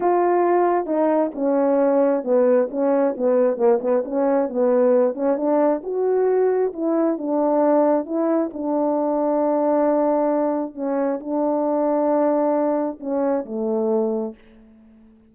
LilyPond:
\new Staff \with { instrumentName = "horn" } { \time 4/4 \tempo 4 = 134 f'2 dis'4 cis'4~ | cis'4 b4 cis'4 b4 | ais8 b8 cis'4 b4. cis'8 | d'4 fis'2 e'4 |
d'2 e'4 d'4~ | d'1 | cis'4 d'2.~ | d'4 cis'4 a2 | }